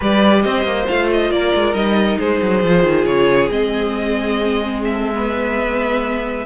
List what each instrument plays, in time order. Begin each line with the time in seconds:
0.00 cello G3, viola G4, violin B4 D5
0.42 cello C4, violin C5 D#5
0.63 cello A#3
0.87 cello A3, viola F4, violin F5
1.12 violin D#5
1.30 cello A#3, violin A#4 D5
1.54 cello G#3
1.74 cello G3, viola D#4, violin D#5
2.18 cello G#3, violin G#4 C5
2.41 cello F#3
2.63 cello F3, viola F4
2.83 cello D#3
3.05 cello C#3, violin C#5
3.50 cello G#3, viola C4, violin D#5
4.84 violin E5
4.92 violin A4
5.13 viola B3, violin B4